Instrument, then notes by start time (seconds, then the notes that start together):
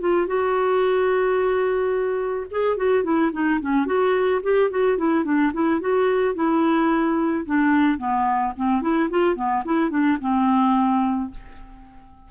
clarinet
0.00 F4
0.27 F#4
2.51 G#4
2.77 F#4
3.04 E4
3.33 D#4
3.61 C#4
3.86 F#4
4.43 G4
4.70 F#4
4.97 E4
5.24 D4
5.53 E4
5.80 F#4
6.35 E4
7.46 D4
7.98 B3
8.57 C4
8.82 E4
9.10 F4
9.36 B3
9.65 E4
9.90 D4
10.21 C4